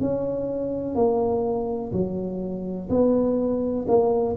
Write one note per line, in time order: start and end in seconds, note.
0.00 0.95 C#4
0.95 1.92 A#3
1.92 2.89 F#3
2.89 3.86 B3
3.88 4.36 A#3